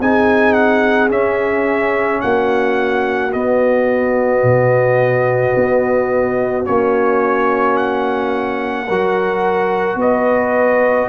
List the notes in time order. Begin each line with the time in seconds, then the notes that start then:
0.00 C4 D#4 G#4 G#5
0.53 F#5
1.10 C#4 E5
2.21 A#3 F#4 F#5
3.33 B3 D#5
4.44 B2
5.56 B3
6.65 A#3 C#4 C#5
7.77 F#5
8.87 F#3 F#4 A#4
9.96 B3 B4 D#5